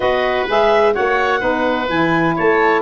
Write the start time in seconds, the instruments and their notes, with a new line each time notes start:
0.00 tuba B3, saxophone F#4, oboe B4, clarinet D#5
0.47 tuba G#3, saxophone G#4, clarinet E5
0.93 tuba A#3, saxophone F#4, oboe C#5, clarinet F#5
1.39 tuba B3, saxophone D#4, oboe B4
1.88 tuba E3, saxophone E4, clarinet G#5
2.35 tuba A3, oboe C#5, clarinet A5